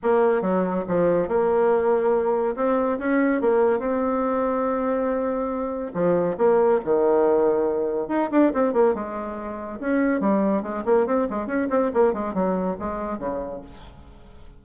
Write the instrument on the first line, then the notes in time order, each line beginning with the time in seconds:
bassoon
0.02 A#3
0.41 F#3
0.88 F3
1.28 A#3
2.55 C4
2.98 C#4
3.41 A#3
3.79 C4
5.94 F3
6.37 A#3
6.84 D#3
8.08 D#4
8.31 D4
8.53 C4
8.73 A#3
8.94 G#3
9.79 C#4
10.20 G3
10.62 G#3
10.85 A#3
11.06 C4
11.30 G#3
11.46 C#4
11.70 C4
11.93 A#3
12.13 G#3
12.34 F#3
12.79 G#3
13.18 C#3